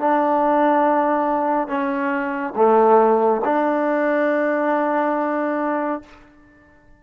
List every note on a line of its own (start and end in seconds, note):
0.00 1.68 D4
1.68 2.54 C#4
2.56 3.42 A3
3.45 6.02 D4